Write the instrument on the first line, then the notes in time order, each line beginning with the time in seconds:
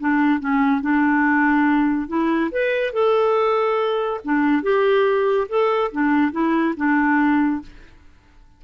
clarinet
0.00 D4
0.40 C#4
0.81 D4
2.08 E4
2.52 B4
2.93 A4
4.25 D4
4.63 G4
5.49 A4
5.92 D4
6.32 E4
6.77 D4